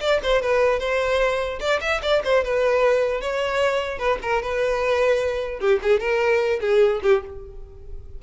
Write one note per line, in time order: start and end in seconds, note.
0.00 0.20 D5
0.23 0.42 C5
0.42 0.79 B4
0.79 1.59 C5
1.60 1.80 D5
1.81 2.01 E5
2.02 2.22 D5
2.24 2.44 C5
2.44 3.21 B4
3.21 3.98 C#5
3.98 4.18 B4
4.22 4.42 A#4
4.42 5.60 B4
5.60 5.80 G4
5.82 6.00 G#4
6.00 6.60 A#4
6.60 7.00 G#4
7.03 7.23 G4